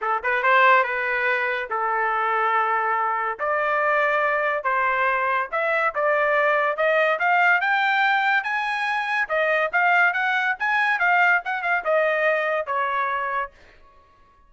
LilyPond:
\new Staff \with { instrumentName = "trumpet" } { \time 4/4 \tempo 4 = 142 a'8 b'8 c''4 b'2 | a'1 | d''2. c''4~ | c''4 e''4 d''2 |
dis''4 f''4 g''2 | gis''2 dis''4 f''4 | fis''4 gis''4 f''4 fis''8 f''8 | dis''2 cis''2 | }